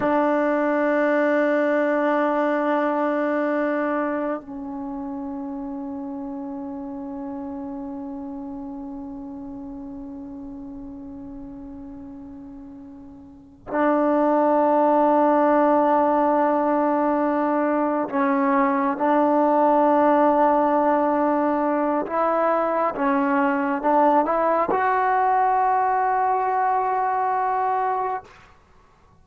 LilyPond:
\new Staff \with { instrumentName = "trombone" } { \time 4/4 \tempo 4 = 68 d'1~ | d'4 cis'2.~ | cis'1~ | cis'2.~ cis'8 d'8~ |
d'1~ | d'8 cis'4 d'2~ d'8~ | d'4 e'4 cis'4 d'8 e'8 | fis'1 | }